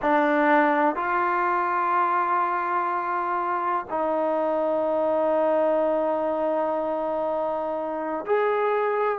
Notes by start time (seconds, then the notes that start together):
0.02 D4
0.95 F4
3.90 D#4
8.25 G#4